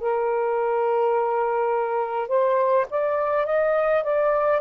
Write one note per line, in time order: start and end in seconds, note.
0.00 2.28 A#4
2.28 2.86 C5
2.90 3.46 D5
3.46 4.03 D#5
4.03 4.60 D5